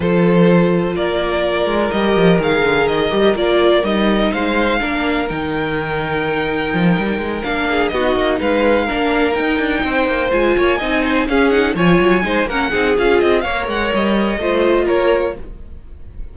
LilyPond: <<
  \new Staff \with { instrumentName = "violin" } { \time 4/4 \tempo 4 = 125 c''2 d''2 | dis''4 f''4 dis''4 d''4 | dis''4 f''2 g''4~ | g''2.~ g''8 f''8~ |
f''8 dis''4 f''2 g''8~ | g''4. gis''2 f''8 | fis''8 gis''4. fis''4 f''8 dis''8 | f''8 fis''8 dis''2 cis''4 | }
  \new Staff \with { instrumentName = "violin" } { \time 4/4 a'2 ais'2~ | ais'1~ | ais'4 c''4 ais'2~ | ais'1 |
gis'8 fis'4 b'4 ais'4.~ | ais'8 c''4. cis''8 dis''8 c''8 gis'8~ | gis'8 cis''4 c''8 ais'8 gis'4. | cis''2 c''4 ais'4 | }
  \new Staff \with { instrumentName = "viola" } { \time 4/4 f'1 | g'4 gis'4. g'8 f'4 | dis'2 d'4 dis'4~ | dis'2.~ dis'8 d'8~ |
d'8 dis'2 d'4 dis'8~ | dis'4. f'4 dis'4 cis'8 | dis'8 f'4 dis'8 cis'8 dis'8 f'4 | ais'2 f'2 | }
  \new Staff \with { instrumentName = "cello" } { \time 4/4 f2 ais4. gis8 | g8 f8 dis8 d8 dis8 g8 ais4 | g4 gis4 ais4 dis4~ | dis2 f8 g8 gis8 ais8~ |
ais8 b8 ais8 gis4 ais4 dis'8 | d'8 c'8 ais8 gis8 ais8 c'4 cis'8~ | cis'8 f8 fis8 gis8 ais8 c'8 cis'8 c'8 | ais8 gis8 g4 a4 ais4 | }
>>